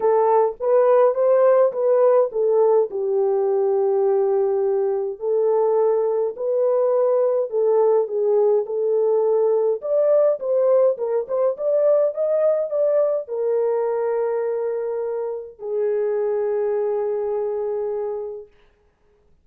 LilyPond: \new Staff \with { instrumentName = "horn" } { \time 4/4 \tempo 4 = 104 a'4 b'4 c''4 b'4 | a'4 g'2.~ | g'4 a'2 b'4~ | b'4 a'4 gis'4 a'4~ |
a'4 d''4 c''4 ais'8 c''8 | d''4 dis''4 d''4 ais'4~ | ais'2. gis'4~ | gis'1 | }